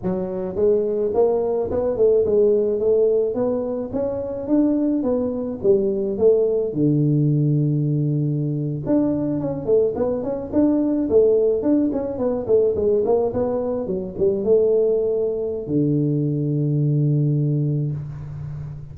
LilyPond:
\new Staff \with { instrumentName = "tuba" } { \time 4/4 \tempo 4 = 107 fis4 gis4 ais4 b8 a8 | gis4 a4 b4 cis'4 | d'4 b4 g4 a4 | d2.~ d8. d'16~ |
d'8. cis'8 a8 b8 cis'8 d'4 a16~ | a8. d'8 cis'8 b8 a8 gis8 ais8 b16~ | b8. fis8 g8 a2~ a16 | d1 | }